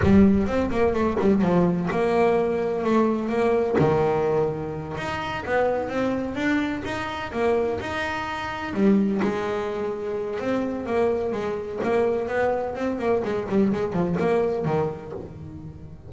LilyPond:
\new Staff \with { instrumentName = "double bass" } { \time 4/4 \tempo 4 = 127 g4 c'8 ais8 a8 g8 f4 | ais2 a4 ais4 | dis2~ dis8 dis'4 b8~ | b8 c'4 d'4 dis'4 ais8~ |
ais8 dis'2 g4 gis8~ | gis2 c'4 ais4 | gis4 ais4 b4 c'8 ais8 | gis8 g8 gis8 f8 ais4 dis4 | }